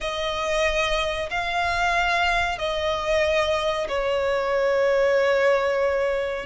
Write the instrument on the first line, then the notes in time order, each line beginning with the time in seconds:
violin
0.00 D#5
1.30 F5
2.58 D#5
3.88 C#5